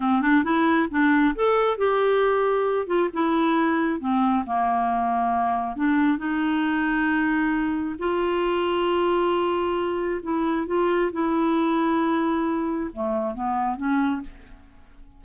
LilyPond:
\new Staff \with { instrumentName = "clarinet" } { \time 4/4 \tempo 4 = 135 c'8 d'8 e'4 d'4 a'4 | g'2~ g'8 f'8 e'4~ | e'4 c'4 ais2~ | ais4 d'4 dis'2~ |
dis'2 f'2~ | f'2. e'4 | f'4 e'2.~ | e'4 a4 b4 cis'4 | }